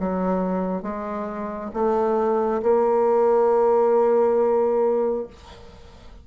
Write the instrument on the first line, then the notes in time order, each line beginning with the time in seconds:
bassoon
0.00 F#3
0.83 G#3
1.73 A3
2.62 A#3